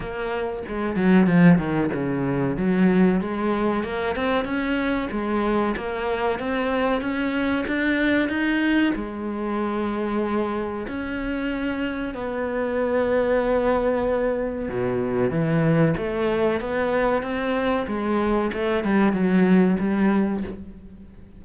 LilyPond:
\new Staff \with { instrumentName = "cello" } { \time 4/4 \tempo 4 = 94 ais4 gis8 fis8 f8 dis8 cis4 | fis4 gis4 ais8 c'8 cis'4 | gis4 ais4 c'4 cis'4 | d'4 dis'4 gis2~ |
gis4 cis'2 b4~ | b2. b,4 | e4 a4 b4 c'4 | gis4 a8 g8 fis4 g4 | }